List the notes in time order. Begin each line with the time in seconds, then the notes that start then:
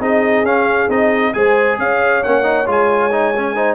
0.00 C4 D#4 G#4 D#5
0.44 C#4 F5
0.90 C4 D#4 D#5
1.34 G#3 G#4 C5 G#5
1.79 C#4 C#5 F5
2.24 A#3 C#4 F#5
2.43 D#4
2.66 G#3 F4 G#5
3.12 D#4
3.37 C#4
3.56 D#4 C5